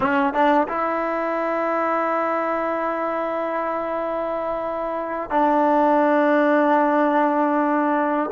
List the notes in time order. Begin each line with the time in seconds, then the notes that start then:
0.00 C#4
0.33 D4
0.68 E4
5.30 D4